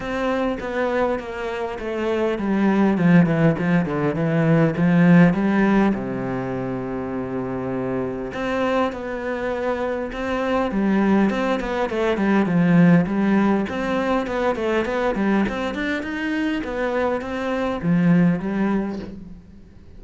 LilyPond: \new Staff \with { instrumentName = "cello" } { \time 4/4 \tempo 4 = 101 c'4 b4 ais4 a4 | g4 f8 e8 f8 d8 e4 | f4 g4 c2~ | c2 c'4 b4~ |
b4 c'4 g4 c'8 b8 | a8 g8 f4 g4 c'4 | b8 a8 b8 g8 c'8 d'8 dis'4 | b4 c'4 f4 g4 | }